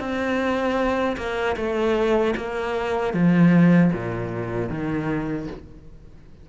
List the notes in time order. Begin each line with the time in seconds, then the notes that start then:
0.00 C4
1.17 A#3
1.57 A3
2.37 A#3
3.14 F3
3.93 A#2
4.70 D#3